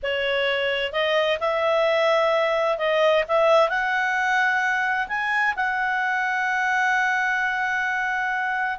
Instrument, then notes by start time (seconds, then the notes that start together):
clarinet
0.02 C#5
0.92 D#5
1.40 E5
2.77 D#5
3.27 E5
3.69 F#5
5.08 G#5
5.56 F#5